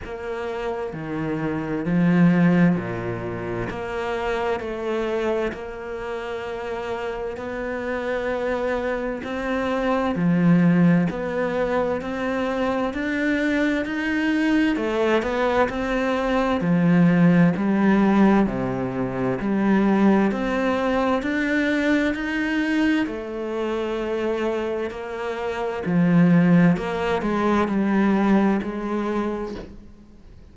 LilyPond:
\new Staff \with { instrumentName = "cello" } { \time 4/4 \tempo 4 = 65 ais4 dis4 f4 ais,4 | ais4 a4 ais2 | b2 c'4 f4 | b4 c'4 d'4 dis'4 |
a8 b8 c'4 f4 g4 | c4 g4 c'4 d'4 | dis'4 a2 ais4 | f4 ais8 gis8 g4 gis4 | }